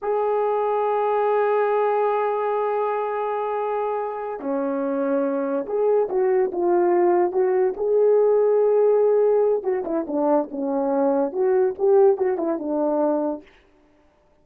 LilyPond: \new Staff \with { instrumentName = "horn" } { \time 4/4 \tempo 4 = 143 gis'1~ | gis'1~ | gis'2~ gis'8 cis'4.~ | cis'4. gis'4 fis'4 f'8~ |
f'4. fis'4 gis'4.~ | gis'2. fis'8 e'8 | d'4 cis'2 fis'4 | g'4 fis'8 e'8 d'2 | }